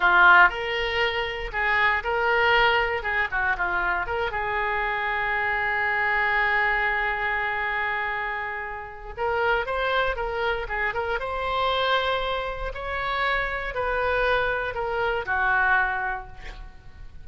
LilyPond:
\new Staff \with { instrumentName = "oboe" } { \time 4/4 \tempo 4 = 118 f'4 ais'2 gis'4 | ais'2 gis'8 fis'8 f'4 | ais'8 gis'2.~ gis'8~ | gis'1~ |
gis'2 ais'4 c''4 | ais'4 gis'8 ais'8 c''2~ | c''4 cis''2 b'4~ | b'4 ais'4 fis'2 | }